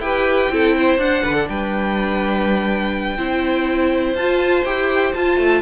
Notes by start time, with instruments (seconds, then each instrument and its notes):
0.00 cello E4, viola G4, violin B4 G5
0.50 cello C4, viola E4, violin A4
0.77 violin C5
0.98 cello D4, viola D4, violin F#5
1.24 cello D3, violin B4
1.34 violin A4
1.49 cello G3, violin B4 G5
3.17 cello C4, viola E4, violin C5
4.14 cello F4, viola F4, violin A5
4.64 cello E4, viola G4, violin G5
5.14 viola F4, cello F4, violin A5
5.37 cello A3